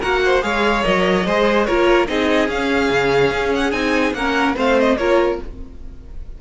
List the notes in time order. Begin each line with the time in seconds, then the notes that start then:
0.00 A#3 F#4 A#4 F#5
0.25 C5
0.42 G#3 G#4 C#5 F5
0.83 F#3 A#4 D#5
1.26 G#3 G#4 C5
1.65 A#3 F4 A#4 C#5
2.07 C4 D#4 G#4 D#5
2.48 C#4 F5
2.90 C#3
3.31 C#4
3.55 F#5
3.71 C4 D#4 G#5
4.13 A#3 C#4 A#4 F#5
4.55 A3 C4 C5 F5
4.80 D#5
4.97 A#3 F4 A#4 C#5